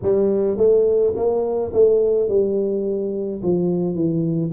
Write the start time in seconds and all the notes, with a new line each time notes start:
0.02 G3
0.57 A3
1.15 A#3
1.73 A3
2.28 G3
3.42 F3
3.94 E3